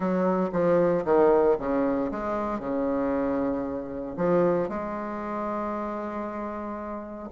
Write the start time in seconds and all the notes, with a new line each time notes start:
0.00 F#3
0.52 F3
1.04 D#3
1.58 C#3
2.11 G#3
2.59 C#3
4.16 F3
4.68 G#3